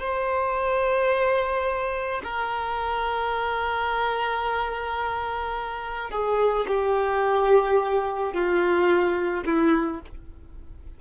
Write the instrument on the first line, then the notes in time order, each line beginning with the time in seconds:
violin
0.00 C5
2.24 A#4
6.11 G#4
6.68 G4
8.34 F4
9.46 E4